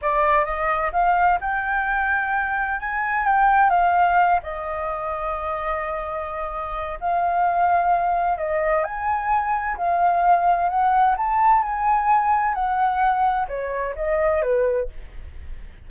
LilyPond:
\new Staff \with { instrumentName = "flute" } { \time 4/4 \tempo 4 = 129 d''4 dis''4 f''4 g''4~ | g''2 gis''4 g''4 | f''4. dis''2~ dis''8~ | dis''2. f''4~ |
f''2 dis''4 gis''4~ | gis''4 f''2 fis''4 | a''4 gis''2 fis''4~ | fis''4 cis''4 dis''4 b'4 | }